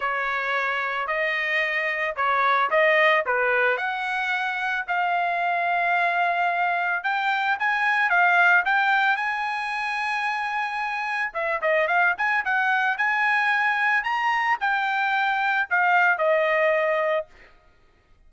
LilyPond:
\new Staff \with { instrumentName = "trumpet" } { \time 4/4 \tempo 4 = 111 cis''2 dis''2 | cis''4 dis''4 b'4 fis''4~ | fis''4 f''2.~ | f''4 g''4 gis''4 f''4 |
g''4 gis''2.~ | gis''4 e''8 dis''8 f''8 gis''8 fis''4 | gis''2 ais''4 g''4~ | g''4 f''4 dis''2 | }